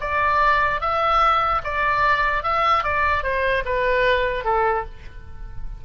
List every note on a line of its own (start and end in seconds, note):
0.00 0.80 D5
0.80 1.61 E5
1.63 2.43 D5
2.43 2.83 E5
2.83 3.23 D5
3.23 3.63 C5
3.65 4.44 B4
4.44 4.85 A4